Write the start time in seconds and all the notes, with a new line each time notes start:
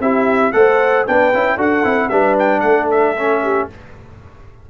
0.00 C4 E4 G4 E5
0.52 A3 A4 C5 F#5
1.07 B3 D4 B4 G5
1.34 C#4 E4
1.57 D4 F#4 A4 F#5
1.84 C4 E4
2.09 G3 D4 B4 E5
2.39 G5
2.60 A3 F#5
2.68 A4
2.91 E5
3.17 C#4
3.43 G4